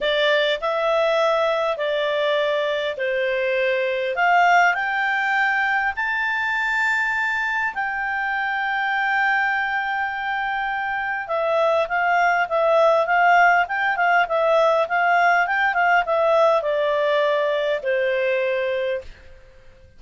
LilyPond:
\new Staff \with { instrumentName = "clarinet" } { \time 4/4 \tempo 4 = 101 d''4 e''2 d''4~ | d''4 c''2 f''4 | g''2 a''2~ | a''4 g''2.~ |
g''2. e''4 | f''4 e''4 f''4 g''8 f''8 | e''4 f''4 g''8 f''8 e''4 | d''2 c''2 | }